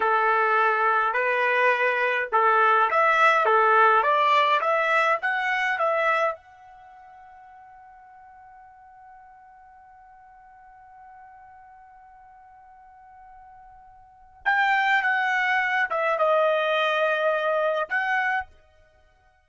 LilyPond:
\new Staff \with { instrumentName = "trumpet" } { \time 4/4 \tempo 4 = 104 a'2 b'2 | a'4 e''4 a'4 d''4 | e''4 fis''4 e''4 fis''4~ | fis''1~ |
fis''1~ | fis''1~ | fis''4 g''4 fis''4. e''8 | dis''2. fis''4 | }